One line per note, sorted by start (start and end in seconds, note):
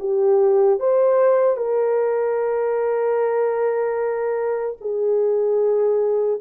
0.00 0.80 G4
0.80 1.57 C5
1.57 4.77 A#4
4.81 6.41 G#4